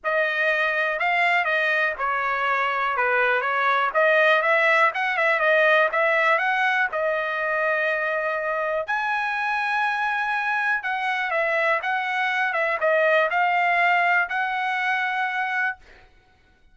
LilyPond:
\new Staff \with { instrumentName = "trumpet" } { \time 4/4 \tempo 4 = 122 dis''2 f''4 dis''4 | cis''2 b'4 cis''4 | dis''4 e''4 fis''8 e''8 dis''4 | e''4 fis''4 dis''2~ |
dis''2 gis''2~ | gis''2 fis''4 e''4 | fis''4. e''8 dis''4 f''4~ | f''4 fis''2. | }